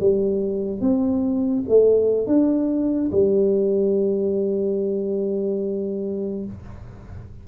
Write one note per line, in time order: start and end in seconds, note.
0.00 0.81 G3
0.81 1.64 C4
1.69 2.27 A3
2.27 3.10 D4
3.12 6.45 G3